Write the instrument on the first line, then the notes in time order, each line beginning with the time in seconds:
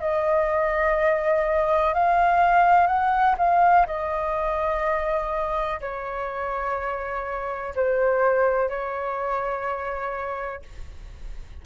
flute
0.00 D#5
1.94 F5
2.87 F#5
3.38 F5
3.87 D#5
5.80 C#5
7.76 C5
8.69 C#5